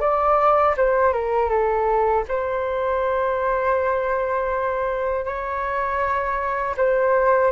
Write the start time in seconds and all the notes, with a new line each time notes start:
0.00 D5
0.77 C5
1.13 A#4
1.49 A4
2.28 C5
5.25 C#5
6.77 C5